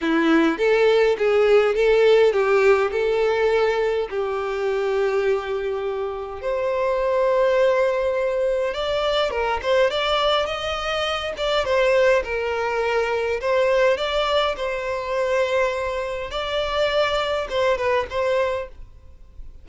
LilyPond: \new Staff \with { instrumentName = "violin" } { \time 4/4 \tempo 4 = 103 e'4 a'4 gis'4 a'4 | g'4 a'2 g'4~ | g'2. c''4~ | c''2. d''4 |
ais'8 c''8 d''4 dis''4. d''8 | c''4 ais'2 c''4 | d''4 c''2. | d''2 c''8 b'8 c''4 | }